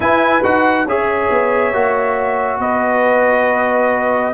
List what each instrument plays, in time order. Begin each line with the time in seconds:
0.00 trombone E4, tuba E4, horn B4, trumpet G#5
0.43 tuba D#4, trombone F#4, trumpet F#5
0.85 tuba C#4, trombone G#4, horn C#5, trumpet E5
1.30 tuba B3
1.73 tuba A#3, trombone F#4
2.59 tuba B3, horn B4, trumpet D#5